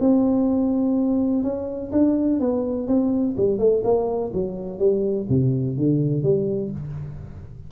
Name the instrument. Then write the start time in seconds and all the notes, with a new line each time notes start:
tuba
0.00 C4
1.43 C#4
1.92 D4
2.40 B3
2.88 C4
3.37 G3
3.59 A3
3.84 A#3
4.34 F#3
4.79 G3
5.29 C3
5.77 D3
6.23 G3